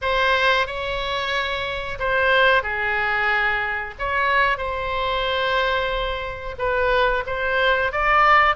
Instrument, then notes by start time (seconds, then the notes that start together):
oboe
0.01 C5
0.66 C#5
1.99 C5
2.62 G#4
3.98 C#5
4.57 C5
6.58 B4
7.26 C5
7.92 D5